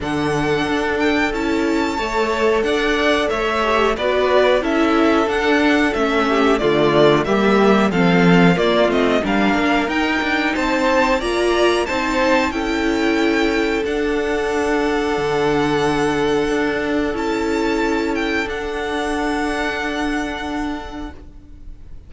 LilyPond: <<
  \new Staff \with { instrumentName = "violin" } { \time 4/4 \tempo 4 = 91 fis''4. g''8 a''2 | fis''4 e''4 d''4 e''4 | fis''4 e''4 d''4 e''4 | f''4 d''8 dis''8 f''4 g''4 |
a''4 ais''4 a''4 g''4~ | g''4 fis''2.~ | fis''2 a''4. g''8 | fis''1 | }
  \new Staff \with { instrumentName = "violin" } { \time 4/4 a'2. cis''4 | d''4 cis''4 b'4 a'4~ | a'4. g'8 f'4 g'4 | a'4 f'4 ais'2 |
c''4 d''4 c''4 a'4~ | a'1~ | a'1~ | a'1 | }
  \new Staff \with { instrumentName = "viola" } { \time 4/4 d'2 e'4 a'4~ | a'4. g'8 fis'4 e'4 | d'4 cis'4 a4 ais4 | c'4 ais8 c'8 d'4 dis'4~ |
dis'4 f'4 dis'4 e'4~ | e'4 d'2.~ | d'2 e'2 | d'1 | }
  \new Staff \with { instrumentName = "cello" } { \time 4/4 d4 d'4 cis'4 a4 | d'4 a4 b4 cis'4 | d'4 a4 d4 g4 | f4 ais8 a8 g8 ais8 dis'8 d'8 |
c'4 ais4 c'4 cis'4~ | cis'4 d'2 d4~ | d4 d'4 cis'2 | d'1 | }
>>